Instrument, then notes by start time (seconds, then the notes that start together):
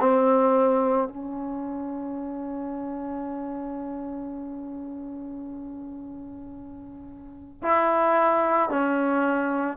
trombone
0.00 C4
1.08 C#4
7.63 E4
8.70 C#4